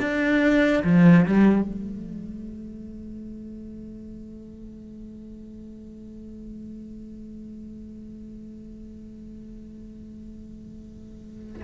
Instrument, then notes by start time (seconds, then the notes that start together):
cello
0.00 D4
0.84 F3
1.26 G3
1.62 A3